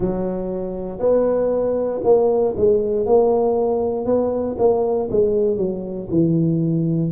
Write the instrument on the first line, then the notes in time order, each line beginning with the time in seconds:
tuba
0.00 F#3
0.99 B3
2.03 A#3
2.57 G#3
3.06 A#3
4.05 B3
4.58 A#3
5.10 G#3
5.57 F#3
6.10 E3